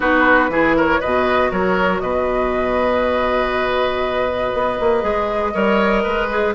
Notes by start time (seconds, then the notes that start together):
0.00 B3 D#4 F#4 B4
0.48 E3 E4 G#4
0.76 A#4 C#5
0.99 B2 F#4 B4 D#5
1.51 F#3 A#4 C#5
1.99 B2 B4 D#5
4.53 B3
4.79 A#3
5.01 G#3 G#4
5.53 G3 A#4 C#5
6.03 G#3 B4
6.30 G#4